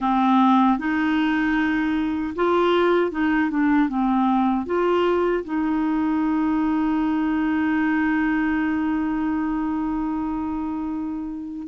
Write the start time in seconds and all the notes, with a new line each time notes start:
0.00 C4
0.78 D#4
2.36 F4
3.11 D#4
3.50 D4
3.88 C4
4.65 F4
5.44 D#4